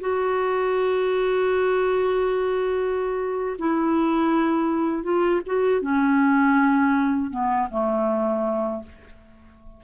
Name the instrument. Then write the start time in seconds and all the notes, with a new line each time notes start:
clarinet
0.00 F#4
3.58 E4
5.03 F4
5.46 F#4
5.81 C#4
7.31 B3
7.70 A3